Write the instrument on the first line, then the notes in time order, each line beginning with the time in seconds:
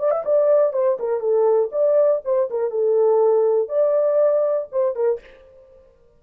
horn
0.00 D5
0.11 E5
0.25 D5
0.73 C5
1.00 A#4
1.21 A4
1.72 D5
2.25 C5
2.51 A#4
2.71 A4
3.69 D5
4.72 C5
4.96 A#4